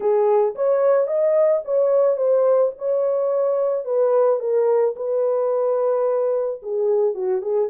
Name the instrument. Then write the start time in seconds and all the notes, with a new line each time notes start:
horn
0.00 G#4
0.55 C#5
1.07 D#5
1.64 C#5
2.16 C5
2.77 C#5
3.84 B4
4.39 A#4
4.95 B4
6.62 G#4
7.14 F#4
7.41 G#4